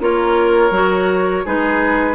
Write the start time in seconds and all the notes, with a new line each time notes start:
0.00 A#3 F4 A#4 C#5
0.71 F#3 F#4
1.45 G#3 D#4 G#4 B4